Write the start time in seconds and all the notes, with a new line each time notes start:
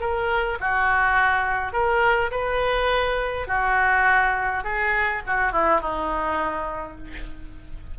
0.00 A#4
0.60 F#4
1.72 A#4
2.31 B4
3.47 F#4
4.64 G#4
5.26 F#4
5.52 E4
5.81 D#4